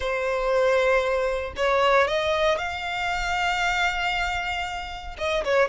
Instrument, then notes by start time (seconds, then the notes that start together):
violin
0.00 C5
1.56 C#5
2.07 D#5
2.58 F5
5.17 D#5
5.44 C#5